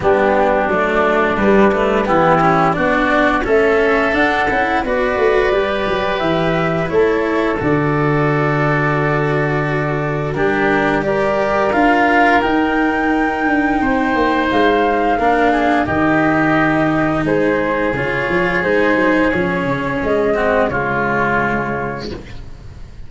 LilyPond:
<<
  \new Staff \with { instrumentName = "flute" } { \time 4/4 \tempo 4 = 87 g'4 d''4 b'4 g'4 | d''4 e''4 fis''4 d''4~ | d''4 e''4 cis''4 d''4~ | d''2. ais'4 |
d''4 f''4 g''2~ | g''4 f''2 dis''4~ | dis''4 c''4 cis''4 c''4 | cis''4 dis''4 cis''2 | }
  \new Staff \with { instrumentName = "oboe" } { \time 4/4 d'2. e'4 | fis'4 a'2 b'4~ | b'2 a'2~ | a'2. g'4 |
ais'1 | c''2 ais'8 gis'8 g'4~ | g'4 gis'2.~ | gis'4. fis'8 f'2 | }
  \new Staff \with { instrumentName = "cello" } { \time 4/4 b4 a4 g8 a8 b8 cis'8 | d'4 cis'4 d'8 e'8 fis'4 | g'2 e'4 fis'4~ | fis'2. d'4 |
g'4 f'4 dis'2~ | dis'2 d'4 dis'4~ | dis'2 f'4 dis'4 | cis'4. c'8 gis2 | }
  \new Staff \with { instrumentName = "tuba" } { \time 4/4 g4 fis4 g4 e4 | b4 a4 d'8 cis'8 b8 a8 | g8 fis8 e4 a4 d4~ | d2. g4~ |
g4 d'4 dis'4. d'8 | c'8 ais8 gis4 ais4 dis4~ | dis4 gis4 cis8 f8 gis8 fis8 | f8 cis8 gis4 cis2 | }
>>